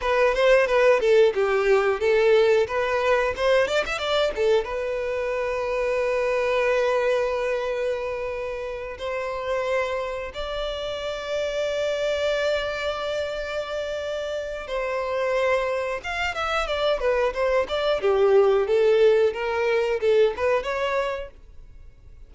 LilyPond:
\new Staff \with { instrumentName = "violin" } { \time 4/4 \tempo 4 = 90 b'8 c''8 b'8 a'8 g'4 a'4 | b'4 c''8 d''16 e''16 d''8 a'8 b'4~ | b'1~ | b'4. c''2 d''8~ |
d''1~ | d''2 c''2 | f''8 e''8 d''8 b'8 c''8 d''8 g'4 | a'4 ais'4 a'8 b'8 cis''4 | }